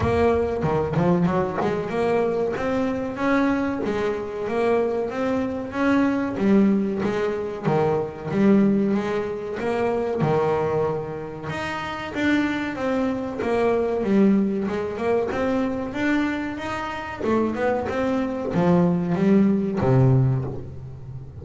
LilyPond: \new Staff \with { instrumentName = "double bass" } { \time 4/4 \tempo 4 = 94 ais4 dis8 f8 fis8 gis8 ais4 | c'4 cis'4 gis4 ais4 | c'4 cis'4 g4 gis4 | dis4 g4 gis4 ais4 |
dis2 dis'4 d'4 | c'4 ais4 g4 gis8 ais8 | c'4 d'4 dis'4 a8 b8 | c'4 f4 g4 c4 | }